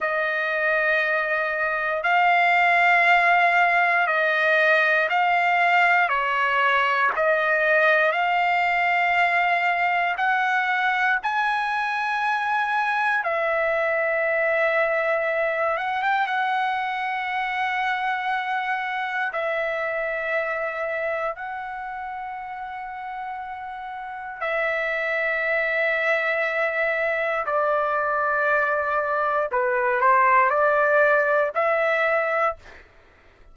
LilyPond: \new Staff \with { instrumentName = "trumpet" } { \time 4/4 \tempo 4 = 59 dis''2 f''2 | dis''4 f''4 cis''4 dis''4 | f''2 fis''4 gis''4~ | gis''4 e''2~ e''8 fis''16 g''16 |
fis''2. e''4~ | e''4 fis''2. | e''2. d''4~ | d''4 b'8 c''8 d''4 e''4 | }